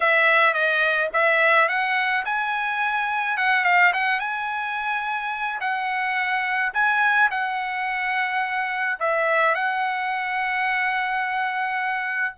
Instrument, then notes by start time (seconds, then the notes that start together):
trumpet
0.00 E5
0.53 D#5
1.13 E5
1.68 F#5
2.25 G#5
3.37 F#5
3.64 F5
3.93 F#5
4.19 G#5
5.60 F#5
6.73 G#5
7.30 F#5
8.99 E5
9.54 F#5